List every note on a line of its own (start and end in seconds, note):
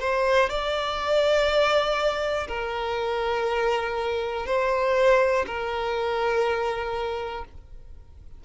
0.00 0.49 C5
0.49 2.47 D5
2.48 4.46 A#4
4.46 5.45 C5
5.46 7.45 A#4